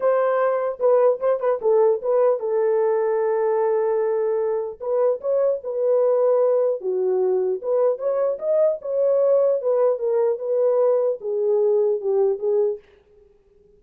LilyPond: \new Staff \with { instrumentName = "horn" } { \time 4/4 \tempo 4 = 150 c''2 b'4 c''8 b'8 | a'4 b'4 a'2~ | a'1 | b'4 cis''4 b'2~ |
b'4 fis'2 b'4 | cis''4 dis''4 cis''2 | b'4 ais'4 b'2 | gis'2 g'4 gis'4 | }